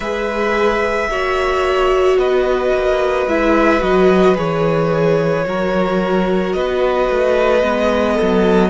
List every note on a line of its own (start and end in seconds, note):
0.00 1.08 G#3
0.00 1.10 G#4
0.00 1.08 B4
0.00 2.16 E5
1.09 2.17 A#3
1.09 3.28 F#4
1.09 2.18 C#5
2.17 2.72 B3
2.17 5.45 B4
2.17 3.27 D#5
2.73 3.26 A#3
3.26 3.81 G#3
3.26 3.79 E4
3.26 3.82 E5
3.79 4.36 F#3
3.79 4.34 F#4
3.79 4.36 D#5
4.35 5.45 E3
4.35 5.44 G#4
4.35 6.52 C#5
5.45 6.54 F#3
5.45 7.61 F#4
5.45 6.56 A#4
6.52 7.08 B3
6.52 8.14 B4
6.52 8.70 D#5
7.09 7.63 A3
7.61 8.17 G#3
7.61 8.70 B3
8.14 8.68 A4
8.21 8.70 F#3